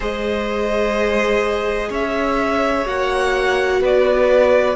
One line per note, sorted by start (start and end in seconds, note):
0.00 1.90 G#3
0.00 2.85 G#4
0.00 1.88 C5
0.00 1.92 D#5
1.89 2.85 C#4
1.89 3.80 C#5
1.89 2.87 E5
2.85 3.81 A#3
2.85 4.75 F#4
2.85 3.82 F#5
3.81 4.76 B3
3.81 4.76 B4
3.81 4.76 D5